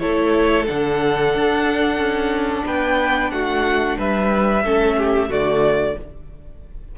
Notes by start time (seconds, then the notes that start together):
0.00 A3 E4 A4 C#5
0.67 D3 D4 F#5
1.34 D4
1.98 C#4
2.66 B3 B4 G5
3.32 A3 F#4 F#5
3.99 G3 B4 E5
4.64 A3 C#4 A4
4.98 G4
5.29 D3 A3 F#4 D5